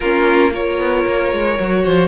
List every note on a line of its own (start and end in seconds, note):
0.00 0.78 A#3
0.00 0.52 C#4
0.00 0.51 F4
0.00 0.52 A#4
0.51 1.57 F4
0.51 1.82 A#4
0.51 2.08 C#5
0.78 1.04 B3
1.07 1.32 A#3
1.32 1.58 G#3
1.59 1.85 F#3
1.59 2.08 F#4
1.84 2.08 F3
1.84 2.08 C5